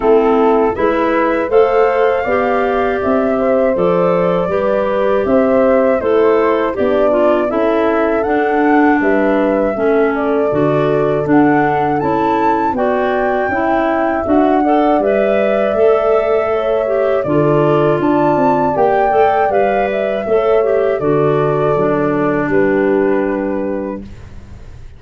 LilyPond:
<<
  \new Staff \with { instrumentName = "flute" } { \time 4/4 \tempo 4 = 80 a'4 e''4 f''2 | e''4 d''2 e''4 | c''4 d''4 e''4 fis''4 | e''4. d''4. fis''4 |
a''4 g''2 fis''4 | e''2. d''4 | a''4 g''4 f''8 e''4. | d''2 b'2 | }
  \new Staff \with { instrumentName = "horn" } { \time 4/4 e'4 b'4 c''4 d''4~ | d''8 c''4. b'4 c''4 | e'4 d'4 a'2 | b'4 a'2.~ |
a'4 d''4 e''4. d''8~ | d''2 cis''4 a'4 | d''2. cis''4 | a'2 g'2 | }
  \new Staff \with { instrumentName = "clarinet" } { \time 4/4 c'4 e'4 a'4 g'4~ | g'4 a'4 g'2 | a'4 g'8 f'8 e'4 d'4~ | d'4 cis'4 fis'4 d'4 |
e'4 fis'4 e'4 fis'8 a'8 | b'4 a'4. g'8 f'4~ | f'4 g'8 a'8 b'4 a'8 g'8 | fis'4 d'2. | }
  \new Staff \with { instrumentName = "tuba" } { \time 4/4 a4 gis4 a4 b4 | c'4 f4 g4 c'4 | a4 b4 cis'4 d'4 | g4 a4 d4 d'4 |
cis'4 b4 cis'4 d'4 | g4 a2 d4 | d'8 c'8 ais8 a8 g4 a4 | d4 fis4 g2 | }
>>